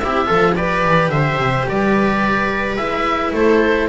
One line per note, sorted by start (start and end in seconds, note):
0.00 0.30 C4
0.00 0.26 E4
0.00 0.28 G4
0.00 0.56 E5
0.26 0.86 F3
0.26 0.53 F4
0.26 0.55 A4
0.56 2.79 G4
0.56 1.12 B4
0.56 1.10 D5
0.86 1.10 E3
1.10 1.37 D3
1.10 1.68 C5
1.10 1.66 E5
1.37 1.65 C3
1.69 2.77 G3
1.69 3.35 B4
1.69 2.77 D5
2.77 3.32 G#3
2.77 3.89 E4
2.77 3.32 E5
3.33 3.89 A3
3.33 3.89 A4
3.33 3.89 C5